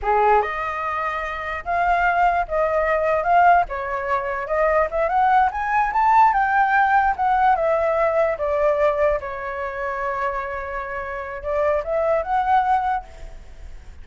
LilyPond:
\new Staff \with { instrumentName = "flute" } { \time 4/4 \tempo 4 = 147 gis'4 dis''2. | f''2 dis''2 | f''4 cis''2 dis''4 | e''8 fis''4 gis''4 a''4 g''8~ |
g''4. fis''4 e''4.~ | e''8 d''2 cis''4.~ | cis''1 | d''4 e''4 fis''2 | }